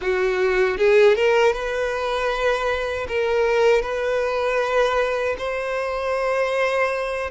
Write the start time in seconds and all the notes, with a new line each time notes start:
0.01 F#4
0.77 G#4
1.15 A#4
1.52 B4
3.08 A#4
3.81 B4
5.38 C5